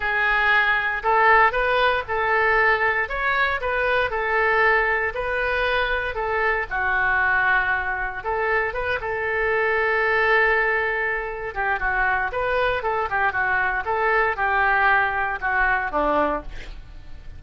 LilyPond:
\new Staff \with { instrumentName = "oboe" } { \time 4/4 \tempo 4 = 117 gis'2 a'4 b'4 | a'2 cis''4 b'4 | a'2 b'2 | a'4 fis'2. |
a'4 b'8 a'2~ a'8~ | a'2~ a'8 g'8 fis'4 | b'4 a'8 g'8 fis'4 a'4 | g'2 fis'4 d'4 | }